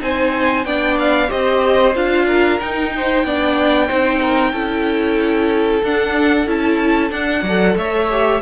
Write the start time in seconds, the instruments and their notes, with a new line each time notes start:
0.00 cello C4, viola D#4, violin C5 G#5
0.65 cello B3, viola D4, violin D5 G5
0.99 violin F5
1.28 cello C4, viola G4, violin C5 D#5
1.95 cello D4, viola F4, violin F5
2.27 violin A#4
2.60 cello D#4, viola D#4, violin G5
2.96 violin C5
3.24 cello B3, viola D4, violin D5
3.87 cello C4, viola D#4, violin C5
4.22 violin A#4
4.53 cello C#4, viola E4, violin A4
5.83 cello D4, viola D4, violin F#5
6.47 cello C#4, viola E4, violin A5
7.10 viola D4, cello D4, violin F#5
7.41 cello F#3, violin D5
7.49 viola A4
7.77 cello A3, violin C#5 E5
8.10 viola G4